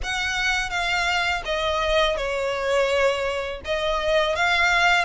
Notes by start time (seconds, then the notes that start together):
0.03 F#5
0.70 F5
1.45 D#5
2.17 C#5
3.64 D#5
4.35 F5